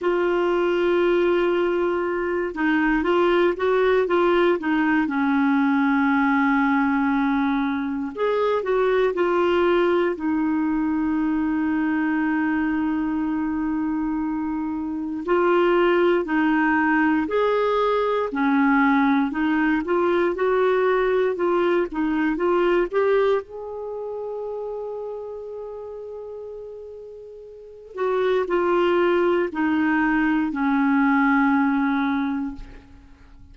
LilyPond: \new Staff \with { instrumentName = "clarinet" } { \time 4/4 \tempo 4 = 59 f'2~ f'8 dis'8 f'8 fis'8 | f'8 dis'8 cis'2. | gis'8 fis'8 f'4 dis'2~ | dis'2. f'4 |
dis'4 gis'4 cis'4 dis'8 f'8 | fis'4 f'8 dis'8 f'8 g'8 gis'4~ | gis'2.~ gis'8 fis'8 | f'4 dis'4 cis'2 | }